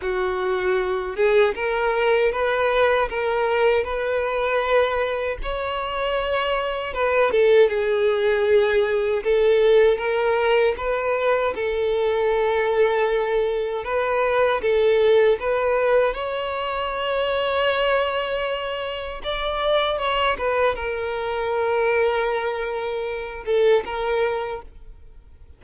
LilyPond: \new Staff \with { instrumentName = "violin" } { \time 4/4 \tempo 4 = 78 fis'4. gis'8 ais'4 b'4 | ais'4 b'2 cis''4~ | cis''4 b'8 a'8 gis'2 | a'4 ais'4 b'4 a'4~ |
a'2 b'4 a'4 | b'4 cis''2.~ | cis''4 d''4 cis''8 b'8 ais'4~ | ais'2~ ais'8 a'8 ais'4 | }